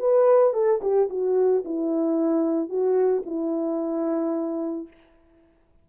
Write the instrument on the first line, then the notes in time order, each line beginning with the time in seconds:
horn
0.00 B4
0.54 A4
0.82 G4
1.10 F#4
1.65 E4
2.70 F#4
3.26 E4